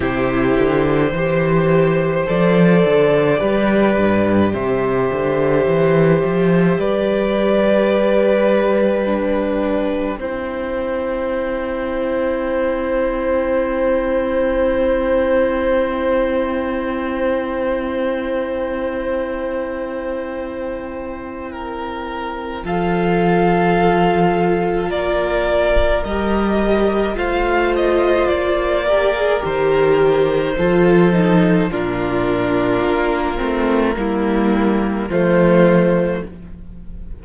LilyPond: <<
  \new Staff \with { instrumentName = "violin" } { \time 4/4 \tempo 4 = 53 c''2 d''2 | e''2 d''2 | g''1~ | g''1~ |
g''1 | f''2 d''4 dis''4 | f''8 dis''8 d''4 c''2 | ais'2. c''4 | }
  \new Staff \with { instrumentName = "violin" } { \time 4/4 g'4 c''2 b'4 | c''2 b'2~ | b'4 c''2.~ | c''1~ |
c''2. ais'4 | a'2 ais'2 | c''4. ais'4. a'4 | f'2 e'4 f'4 | }
  \new Staff \with { instrumentName = "viola" } { \time 4/4 e'4 g'4 a'4 g'4~ | g'1 | d'4 e'2.~ | e'1~ |
e'1 | f'2. g'4 | f'4. g'16 gis'16 g'4 f'8 dis'8 | d'4. c'8 ais4 a4 | }
  \new Staff \with { instrumentName = "cello" } { \time 4/4 c8 d8 e4 f8 d8 g8 g,8 | c8 d8 e8 f8 g2~ | g4 c'2.~ | c'1~ |
c'1 | f2 ais4 g4 | a4 ais4 dis4 f4 | ais,4 ais8 a8 g4 f4 | }
>>